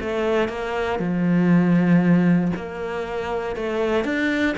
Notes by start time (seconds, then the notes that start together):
0.00 A3
0.48 A#3
0.99 F3
2.56 A#3
3.56 A3
4.04 D4